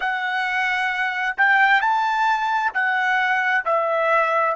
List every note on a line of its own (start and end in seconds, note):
0.00 1.36 F#5
1.37 1.81 G5
1.81 2.71 A5
2.73 3.64 F#5
3.65 4.55 E5